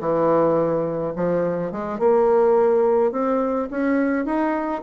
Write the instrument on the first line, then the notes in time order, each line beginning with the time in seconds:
bassoon
0.00 E3
1.16 F3
1.72 G#3
1.99 A#3
3.12 C4
3.70 C#4
4.25 D#4